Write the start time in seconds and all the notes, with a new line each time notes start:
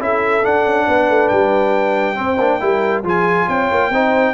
0.00 C#4 E4 A4 E5
0.43 D4 F#5
0.65 C#4
0.86 B3 B4
1.09 A3
1.28 G3 G5
2.15 C4 C5
2.39 A#3 D4
2.60 G3 E4 A#4
3.03 F3 F4 G#4 G#5
3.48 C4 C#5 G5
3.71 A#3
3.90 C4 D#4 C5